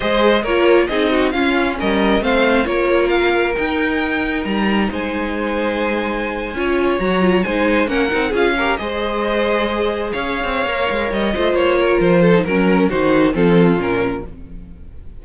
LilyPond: <<
  \new Staff \with { instrumentName = "violin" } { \time 4/4 \tempo 4 = 135 dis''4 cis''4 dis''4 f''4 | dis''4 f''4 cis''4 f''4 | g''2 ais''4 gis''4~ | gis''2.~ gis''8. ais''16~ |
ais''8. gis''4 fis''4 f''4 dis''16~ | dis''2~ dis''8. f''4~ f''16~ | f''4 dis''4 cis''4 c''4 | ais'4 c''4 a'4 ais'4 | }
  \new Staff \with { instrumentName = "violin" } { \time 4/4 c''4 ais'4 gis'8 fis'8 f'4 | ais'4 c''4 ais'2~ | ais'2. c''4~ | c''2~ c''8. cis''4~ cis''16~ |
cis''8. c''4 ais'4 gis'8 ais'8 c''16~ | c''2~ c''8. cis''4~ cis''16~ | cis''4. c''4 ais'4 a'8 | ais'4 fis'4 f'2 | }
  \new Staff \with { instrumentName = "viola" } { \time 4/4 gis'4 f'4 dis'4 cis'4~ | cis'4 c'4 f'2 | dis'1~ | dis'2~ dis'8. f'4 fis'16~ |
fis'16 f'8 dis'4 cis'8 dis'8 f'8 g'8 gis'16~ | gis'1 | ais'4. f'2~ f'16 dis'16 | cis'4 dis'4 c'4 cis'4 | }
  \new Staff \with { instrumentName = "cello" } { \time 4/4 gis4 ais4 c'4 cis'4 | g4 a4 ais2 | dis'2 g4 gis4~ | gis2~ gis8. cis'4 fis16~ |
fis8. gis4 ais8 c'8 cis'4 gis16~ | gis2~ gis8. cis'8. c'8 | ais8 gis8 g8 a8 ais4 f4 | fis4 dis4 f4 ais,4 | }
>>